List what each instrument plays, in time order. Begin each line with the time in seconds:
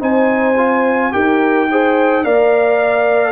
0.00 tuba C4, trombone D#4, horn C5, trumpet G#5
0.57 trombone F4
1.12 tuba D#4, trombone G4, horn A#4, trumpet G5
1.72 trombone G#4, horn C5
2.24 tuba A#3, trombone A#4, horn D5, trumpet F5